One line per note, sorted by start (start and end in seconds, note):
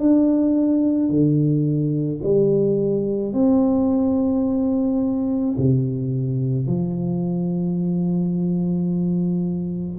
0.00 1.10 D4
1.10 2.21 D3
2.23 3.33 G3
3.33 5.56 C4
5.58 6.67 C3
6.67 9.99 F3